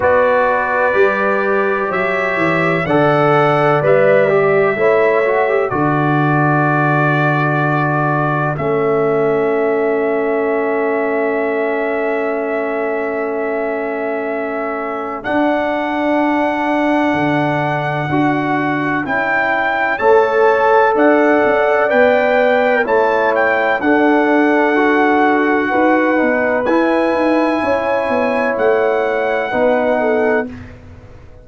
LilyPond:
<<
  \new Staff \with { instrumentName = "trumpet" } { \time 4/4 \tempo 4 = 63 d''2 e''4 fis''4 | e''2 d''2~ | d''4 e''2.~ | e''1 |
fis''1 | g''4 a''4 fis''4 g''4 | a''8 g''8 fis''2. | gis''2 fis''2 | }
  \new Staff \with { instrumentName = "horn" } { \time 4/4 b'2 cis''4 d''4~ | d''4 cis''4 a'2~ | a'1~ | a'1~ |
a'1~ | a'4 cis''4 d''2 | cis''4 a'2 b'4~ | b'4 cis''2 b'8 a'8 | }
  \new Staff \with { instrumentName = "trombone" } { \time 4/4 fis'4 g'2 a'4 | b'8 g'8 e'8 fis'16 g'16 fis'2~ | fis'4 cis'2.~ | cis'1 |
d'2. fis'4 | e'4 a'2 b'4 | e'4 d'4 fis'4. dis'8 | e'2. dis'4 | }
  \new Staff \with { instrumentName = "tuba" } { \time 4/4 b4 g4 fis8 e8 d4 | g4 a4 d2~ | d4 a2.~ | a1 |
d'2 d4 d'4 | cis'4 a4 d'8 cis'8 b4 | a4 d'2 dis'8 b8 | e'8 dis'8 cis'8 b8 a4 b4 | }
>>